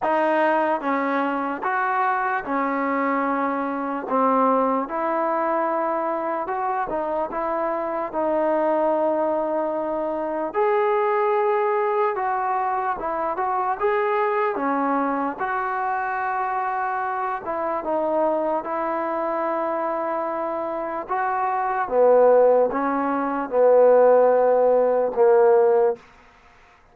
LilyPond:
\new Staff \with { instrumentName = "trombone" } { \time 4/4 \tempo 4 = 74 dis'4 cis'4 fis'4 cis'4~ | cis'4 c'4 e'2 | fis'8 dis'8 e'4 dis'2~ | dis'4 gis'2 fis'4 |
e'8 fis'8 gis'4 cis'4 fis'4~ | fis'4. e'8 dis'4 e'4~ | e'2 fis'4 b4 | cis'4 b2 ais4 | }